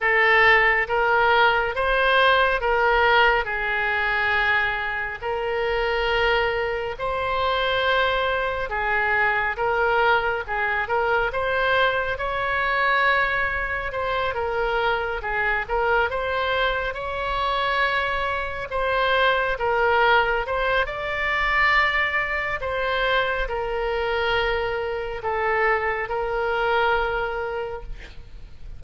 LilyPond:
\new Staff \with { instrumentName = "oboe" } { \time 4/4 \tempo 4 = 69 a'4 ais'4 c''4 ais'4 | gis'2 ais'2 | c''2 gis'4 ais'4 | gis'8 ais'8 c''4 cis''2 |
c''8 ais'4 gis'8 ais'8 c''4 cis''8~ | cis''4. c''4 ais'4 c''8 | d''2 c''4 ais'4~ | ais'4 a'4 ais'2 | }